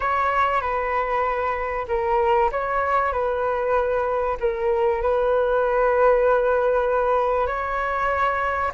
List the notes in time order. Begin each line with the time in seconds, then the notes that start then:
0.00 C#5
0.61 B4
1.88 A#4
2.51 C#5
3.12 B4
4.40 A#4
5.01 B4
7.46 C#5